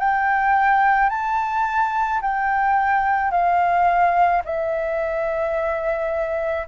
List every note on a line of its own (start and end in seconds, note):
0.00 1.10 G5
1.10 2.21 A5
2.22 3.31 G5
3.31 4.42 F5
4.45 6.67 E5